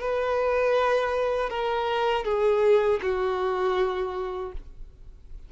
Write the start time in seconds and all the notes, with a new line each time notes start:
0.00 B4
1.49 A#4
2.24 G#4
3.02 F#4